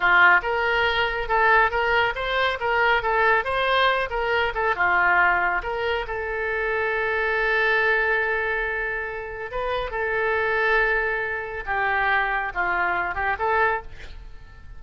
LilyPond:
\new Staff \with { instrumentName = "oboe" } { \time 4/4 \tempo 4 = 139 f'4 ais'2 a'4 | ais'4 c''4 ais'4 a'4 | c''4. ais'4 a'8 f'4~ | f'4 ais'4 a'2~ |
a'1~ | a'2 b'4 a'4~ | a'2. g'4~ | g'4 f'4. g'8 a'4 | }